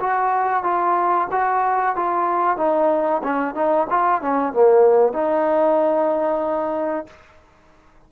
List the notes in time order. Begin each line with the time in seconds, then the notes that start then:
0.00 F#4
0.63 F4
1.31 F#4
1.96 F4
2.57 D#4
3.23 C#4
3.55 D#4
3.89 F4
4.21 C#4
4.53 A#3
5.13 D#4